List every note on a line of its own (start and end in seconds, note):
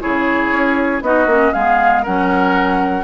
0.00 0.51 C#3
0.00 1.02 E4
0.00 1.03 G#4
0.00 1.02 C#5
0.51 1.01 C#4
1.01 1.26 B3
1.01 1.28 D#4
1.01 1.53 F#4
1.01 1.53 D#5
1.26 1.51 A#3
1.26 1.53 C#4
1.53 2.06 G#3
1.53 2.05 B3
1.53 2.03 G#4
1.53 2.04 F5
2.03 3.04 F#3
2.03 3.04 C#4
2.03 3.04 A#4
2.03 3.04 F#5